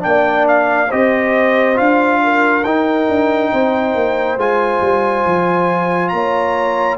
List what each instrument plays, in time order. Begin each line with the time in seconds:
0.00 tuba A#3, trombone D4, trumpet G5
0.07 horn D5
0.48 trumpet F5
0.89 tuba C4, trombone G4, horn C5, trumpet D#5
1.75 tuba D4, trombone F4, trumpet F5
2.24 horn A#4
2.64 tuba D#4, trombone D#4, trumpet G5
3.09 tuba D4
3.53 tuba C4, horn C5
3.95 tuba A#3
4.37 tuba G#3, trombone F4, trumpet G#5
4.82 tuba G3
5.26 tuba F3
6.09 tuba A#3, horn C#5, trumpet A#5